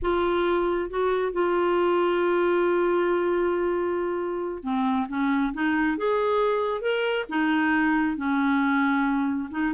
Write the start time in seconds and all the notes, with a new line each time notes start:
0.02 F4
0.90 F#4
1.32 F4
4.63 C4
5.09 C#4
5.53 D#4
5.97 G#4
6.81 A#4
7.29 D#4
8.16 C#4
9.51 D#4